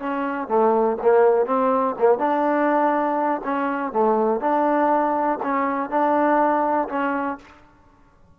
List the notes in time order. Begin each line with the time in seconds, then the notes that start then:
0.00 C#4
0.48 A3
1.02 A#3
1.46 C4
1.99 A#3
2.19 D4
3.44 C#4
3.93 A3
4.41 D4
5.43 C#4
5.90 D4
6.89 C#4